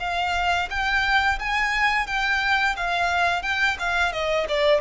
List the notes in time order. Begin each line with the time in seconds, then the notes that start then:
0.00 F5
0.70 G5
1.39 G#5
2.07 G5
2.76 F5
3.43 G5
3.79 F5
4.12 D#5
4.49 D5